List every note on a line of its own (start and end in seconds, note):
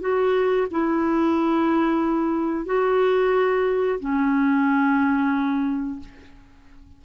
0.00 0.67 F#4
0.71 2.65 E4
2.65 3.99 F#4
3.99 5.99 C#4